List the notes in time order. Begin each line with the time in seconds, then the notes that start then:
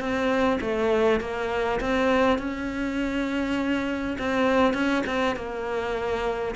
0.00 C4
0.61 A3
1.20 A#3
1.80 C4
2.38 C#4
4.19 C4
4.74 C#4
5.06 C4
5.36 A#3